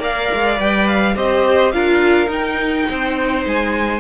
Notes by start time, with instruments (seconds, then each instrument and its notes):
0.00 cello A#3, viola A#4, violin D5 F5
0.34 cello G#3
0.56 cello G3, viola B4, violin G5
0.88 violin F5
1.16 cello C4, viola G4, violin C5 D#5
1.72 cello D4, viola F4, violin A#4 F5
2.27 viola D#4, cello D#4, violin G5
2.90 cello C4, violin C5
3.46 cello G#3, violin G#5